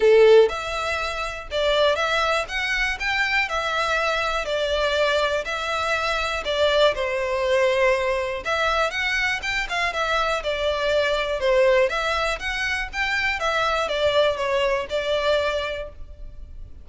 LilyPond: \new Staff \with { instrumentName = "violin" } { \time 4/4 \tempo 4 = 121 a'4 e''2 d''4 | e''4 fis''4 g''4 e''4~ | e''4 d''2 e''4~ | e''4 d''4 c''2~ |
c''4 e''4 fis''4 g''8 f''8 | e''4 d''2 c''4 | e''4 fis''4 g''4 e''4 | d''4 cis''4 d''2 | }